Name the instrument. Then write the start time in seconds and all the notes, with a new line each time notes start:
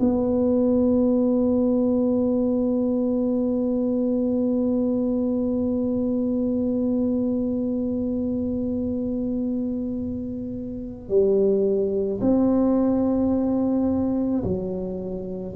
tuba
0.00 B3
11.09 G3
12.22 C4
14.44 F#3